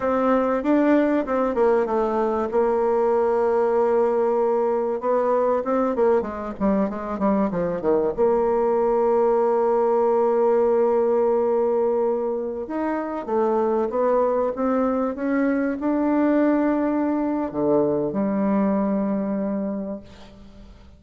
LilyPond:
\new Staff \with { instrumentName = "bassoon" } { \time 4/4 \tempo 4 = 96 c'4 d'4 c'8 ais8 a4 | ais1 | b4 c'8 ais8 gis8 g8 gis8 g8 | f8 dis8 ais2.~ |
ais1~ | ais16 dis'4 a4 b4 c'8.~ | c'16 cis'4 d'2~ d'8. | d4 g2. | }